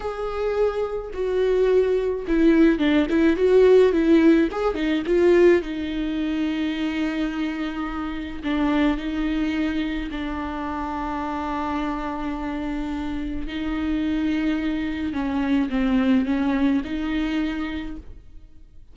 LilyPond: \new Staff \with { instrumentName = "viola" } { \time 4/4 \tempo 4 = 107 gis'2 fis'2 | e'4 d'8 e'8 fis'4 e'4 | gis'8 dis'8 f'4 dis'2~ | dis'2. d'4 |
dis'2 d'2~ | d'1 | dis'2. cis'4 | c'4 cis'4 dis'2 | }